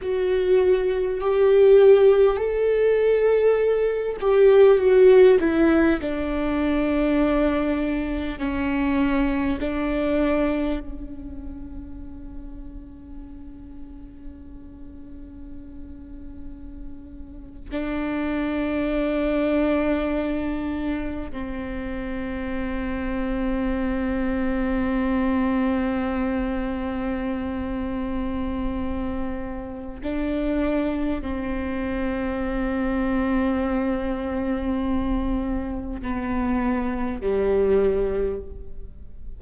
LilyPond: \new Staff \with { instrumentName = "viola" } { \time 4/4 \tempo 4 = 50 fis'4 g'4 a'4. g'8 | fis'8 e'8 d'2 cis'4 | d'4 cis'2.~ | cis'2~ cis'8. d'4~ d'16~ |
d'4.~ d'16 c'2~ c'16~ | c'1~ | c'4 d'4 c'2~ | c'2 b4 g4 | }